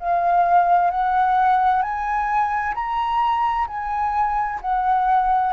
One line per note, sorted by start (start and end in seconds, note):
0.00 0.91 F5
0.91 1.82 F#5
1.82 2.74 G#5
2.75 3.67 A#5
3.68 4.60 G#5
4.62 5.53 F#5